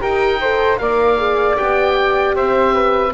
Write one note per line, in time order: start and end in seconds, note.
0.00 0.80 D#4
0.00 0.39 G4
0.00 0.40 A#4
0.00 0.78 G5
0.40 0.79 A4
0.40 0.79 C5
0.78 1.58 A#3
0.78 1.18 A#4
0.78 2.35 D5
0.78 1.56 F5
1.18 1.56 G#4
1.56 2.35 B3
1.56 3.12 G4
1.56 2.35 G5
2.35 3.13 C4
2.35 2.74 C5
2.35 3.14 E5
2.74 3.13 B4